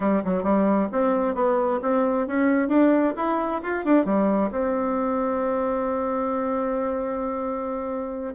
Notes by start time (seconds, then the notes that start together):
0.00 G3
0.24 F#3
0.43 G3
0.92 C4
1.35 B3
1.82 C4
2.27 C#4
2.68 D4
3.16 E4
3.63 F4
3.84 D4
4.05 G3
4.51 C4